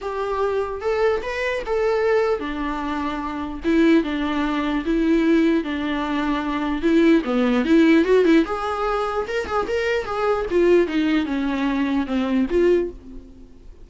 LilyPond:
\new Staff \with { instrumentName = "viola" } { \time 4/4 \tempo 4 = 149 g'2 a'4 b'4 | a'2 d'2~ | d'4 e'4 d'2 | e'2 d'2~ |
d'4 e'4 b4 e'4 | fis'8 e'8 gis'2 ais'8 gis'8 | ais'4 gis'4 f'4 dis'4 | cis'2 c'4 f'4 | }